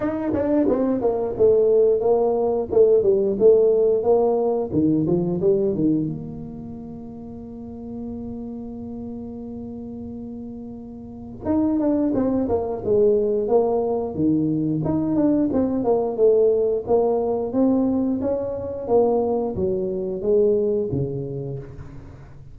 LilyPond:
\new Staff \with { instrumentName = "tuba" } { \time 4/4 \tempo 4 = 89 dis'8 d'8 c'8 ais8 a4 ais4 | a8 g8 a4 ais4 dis8 f8 | g8 dis8 ais2.~ | ais1~ |
ais4 dis'8 d'8 c'8 ais8 gis4 | ais4 dis4 dis'8 d'8 c'8 ais8 | a4 ais4 c'4 cis'4 | ais4 fis4 gis4 cis4 | }